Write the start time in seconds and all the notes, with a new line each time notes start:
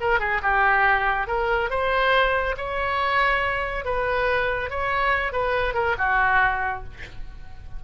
0.00 A#4
0.19 G#4
0.42 G4
1.27 A#4
1.70 C5
2.57 C#5
3.85 B4
4.70 C#5
5.32 B4
5.74 A#4
5.98 F#4